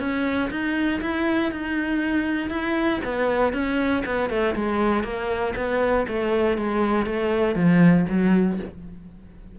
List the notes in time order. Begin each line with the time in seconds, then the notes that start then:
0.00 C#4
0.51 D#4
1.02 E4
1.52 D#4
2.50 E4
3.05 B3
3.54 C#4
4.06 B3
4.30 A3
4.56 G#3
5.04 A#3
5.56 B3
6.08 A3
6.58 G#3
7.06 A3
7.56 F3
8.09 F#3